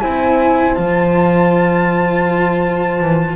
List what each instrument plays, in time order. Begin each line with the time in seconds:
0.00 double bass C4, cello E4, horn C5, flute G#5
0.75 double bass F3, cello F4, flute A5
3.00 double bass E3